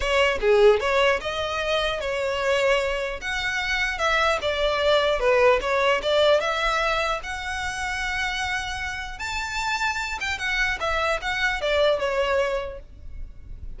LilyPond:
\new Staff \with { instrumentName = "violin" } { \time 4/4 \tempo 4 = 150 cis''4 gis'4 cis''4 dis''4~ | dis''4 cis''2. | fis''2 e''4 d''4~ | d''4 b'4 cis''4 d''4 |
e''2 fis''2~ | fis''2. a''4~ | a''4. g''8 fis''4 e''4 | fis''4 d''4 cis''2 | }